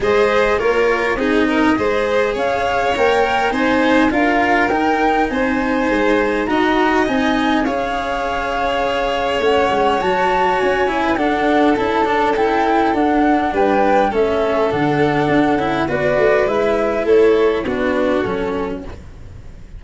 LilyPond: <<
  \new Staff \with { instrumentName = "flute" } { \time 4/4 \tempo 4 = 102 dis''4 cis''4 dis''2 | f''4 g''4 gis''4 f''4 | g''4 gis''2 ais''4 | gis''4 f''2. |
fis''4 a''4 gis''4 fis''4 | a''4 g''4 fis''4 g''4 | e''4 fis''2 d''4 | e''4 cis''4 b'4 a'4 | }
  \new Staff \with { instrumentName = "violin" } { \time 4/4 c''4 ais'4 gis'8 ais'8 c''4 | cis''2 c''4 ais'4~ | ais'4 c''2 dis''4~ | dis''4 cis''2.~ |
cis''2~ cis''8. b'16 a'4~ | a'2. b'4 | a'2. b'4~ | b'4 a'4 fis'2 | }
  \new Staff \with { instrumentName = "cello" } { \time 4/4 gis'4 f'4 dis'4 gis'4~ | gis'4 ais'4 dis'4 f'4 | dis'2. fis'4 | dis'4 gis'2. |
cis'4 fis'4. e'8 d'4 | e'8 d'8 e'4 d'2 | cis'4 d'4. e'8 fis'4 | e'2 d'4 cis'4 | }
  \new Staff \with { instrumentName = "tuba" } { \time 4/4 gis4 ais4 c'4 gis4 | cis'4 ais4 c'4 d'4 | dis'4 c'4 gis4 dis'4 | c'4 cis'2. |
a8 gis8 fis4 cis'4 d'4 | cis'2 d'4 g4 | a4 d4 d'8 cis'8 b8 a8 | gis4 a4 b4 fis4 | }
>>